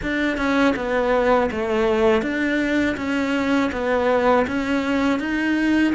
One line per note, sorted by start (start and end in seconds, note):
0.02 0.37 D4
0.37 0.74 C#4
0.75 1.49 B3
1.51 2.22 A3
2.22 2.96 D4
2.96 3.70 C#4
3.72 4.46 B3
4.46 5.19 C#4
5.19 5.93 D#4